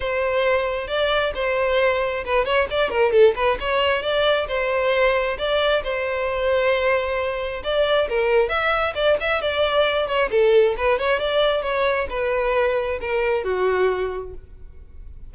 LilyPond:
\new Staff \with { instrumentName = "violin" } { \time 4/4 \tempo 4 = 134 c''2 d''4 c''4~ | c''4 b'8 cis''8 d''8 ais'8 a'8 b'8 | cis''4 d''4 c''2 | d''4 c''2.~ |
c''4 d''4 ais'4 e''4 | d''8 e''8 d''4. cis''8 a'4 | b'8 cis''8 d''4 cis''4 b'4~ | b'4 ais'4 fis'2 | }